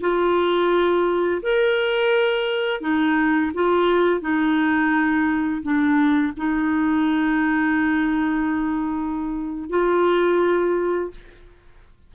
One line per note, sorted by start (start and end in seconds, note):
0.00 1.41 F4
1.42 2.80 A#4
2.80 3.51 D#4
3.54 4.20 F4
4.20 5.61 D#4
5.62 6.33 D4
6.36 9.69 D#4
9.69 11.10 F4